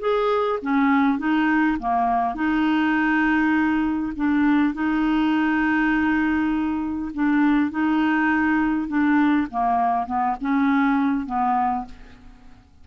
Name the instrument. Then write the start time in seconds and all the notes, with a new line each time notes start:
clarinet
0.00 G#4
0.62 C#4
1.18 D#4
1.80 A#3
2.35 D#4
4.16 D4
4.74 D#4
7.14 D4
7.71 D#4
8.88 D4
9.50 A#3
10.06 B3
10.41 C#4
11.26 B3